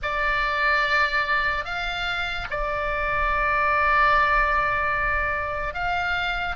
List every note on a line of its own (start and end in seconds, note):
0.02 1.64 D5
1.64 2.47 F5
2.50 5.73 D5
5.73 6.55 F5